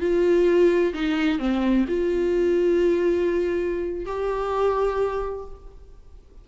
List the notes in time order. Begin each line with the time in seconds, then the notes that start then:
0.00 F4
0.94 D#4
1.39 C4
1.88 F4
4.06 G4